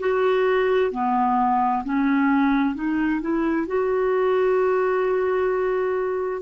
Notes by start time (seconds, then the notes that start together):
0.00 F#4
0.92 B3
1.85 C#4
2.75 D#4
3.21 E4
3.68 F#4